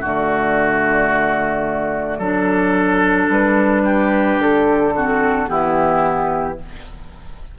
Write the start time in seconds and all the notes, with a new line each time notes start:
0.00 D3 A3 F#4 D5
2.18 F#3 D4 A4
3.28 G3 B4
3.84 G4
4.39 D3 A4
4.95 C4 F#4
5.46 E3 B3 E4 G4